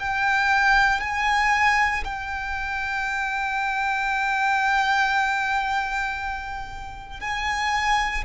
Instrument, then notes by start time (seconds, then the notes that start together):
violin
0.00 G5
1.01 G#5
2.05 G5
7.21 G#5